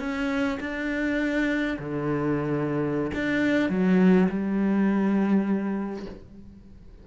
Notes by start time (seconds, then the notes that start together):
0.00 C#4
0.60 D4
1.79 D3
3.15 D4
3.70 F#3
4.29 G3